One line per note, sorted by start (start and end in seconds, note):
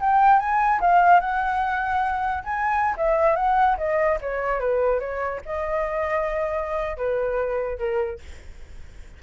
0.00 0.39 G5
0.39 0.80 G#5
0.81 1.20 F5
1.20 2.43 F#5
2.44 2.95 G#5
2.97 3.36 E5
3.36 3.77 F#5
3.77 4.18 D#5
4.21 4.60 C#5
4.60 5.00 B4
5.00 5.41 C#5
5.45 6.97 D#5
6.97 7.78 B4
7.78 8.19 A#4